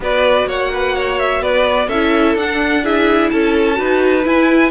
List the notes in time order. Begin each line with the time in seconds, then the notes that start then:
0.00 B3 F#4 B4 D5
0.46 A#3 C#5 F#5
0.72 B4
0.95 C#5
1.19 E5
1.40 B3 B4 D5
1.87 C#4 E4 A4 E5
2.35 D4 F#5
2.83 E4 G#4 E5
3.30 C#4 A4 A5
3.74 D#4 F#4 B4
4.24 E4 G#5